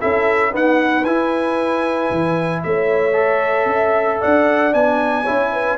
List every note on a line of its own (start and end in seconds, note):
0.00 0.53 C#4
0.00 0.51 E4
0.00 0.51 A4
0.00 0.53 E5
0.51 1.04 B3
0.51 1.05 D#4
0.51 2.61 B4
0.51 1.04 F#5
1.04 2.10 E4
1.04 3.13 E4
1.04 2.62 G#5
2.11 2.63 E3
2.63 3.66 A3
2.63 3.69 C#5
2.63 4.21 E5
3.13 4.71 A4
3.66 4.18 C#4
3.66 4.21 E5
4.21 4.74 D4
4.21 5.23 D5
4.21 4.74 F#5
4.72 5.27 B3
4.72 5.24 D4
4.72 5.78 G#5
5.23 5.78 E4
5.23 5.49 C#5
5.29 5.78 C#4
5.52 5.78 B4